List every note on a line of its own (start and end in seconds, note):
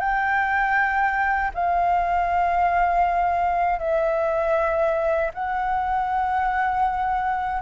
0.00 1.52 G5
1.55 3.79 F5
3.79 5.31 E5
5.34 7.62 F#5